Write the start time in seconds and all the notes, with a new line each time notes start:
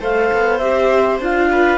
0.00 A3 A4 C5 F5
0.33 B3
0.58 C4 G4 E5
1.19 D4 F4 F5
1.51 B4